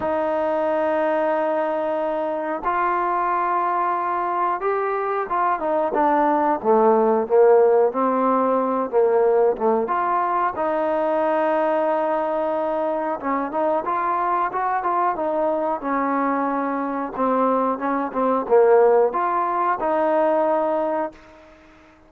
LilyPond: \new Staff \with { instrumentName = "trombone" } { \time 4/4 \tempo 4 = 91 dis'1 | f'2. g'4 | f'8 dis'8 d'4 a4 ais4 | c'4. ais4 a8 f'4 |
dis'1 | cis'8 dis'8 f'4 fis'8 f'8 dis'4 | cis'2 c'4 cis'8 c'8 | ais4 f'4 dis'2 | }